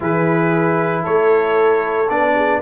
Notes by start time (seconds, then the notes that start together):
0.00 E3 E4 G#4 B4
1.03 A3 A4 C#5
2.09 B3 D4 D5
2.34 G#4